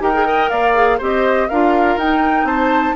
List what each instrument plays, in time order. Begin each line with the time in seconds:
0.00 bassoon D#4, clarinet G4, oboe A#4, flute G5
0.14 clarinet G#4
0.25 clarinet A#4, oboe D#5
0.50 bassoon A#3, oboe D5, flute F5
0.75 clarinet G#4
0.99 bassoon C4, clarinet G4, oboe C5, flute D#5
1.49 bassoon D4, clarinet F4, oboe A#4, flute F5
1.97 bassoon D#4, clarinet D#4, flute G5
2.44 bassoon C4, oboe C5, flute A5